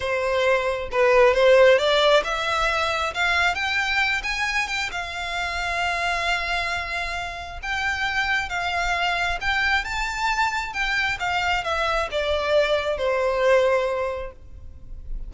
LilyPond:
\new Staff \with { instrumentName = "violin" } { \time 4/4 \tempo 4 = 134 c''2 b'4 c''4 | d''4 e''2 f''4 | g''4. gis''4 g''8 f''4~ | f''1~ |
f''4 g''2 f''4~ | f''4 g''4 a''2 | g''4 f''4 e''4 d''4~ | d''4 c''2. | }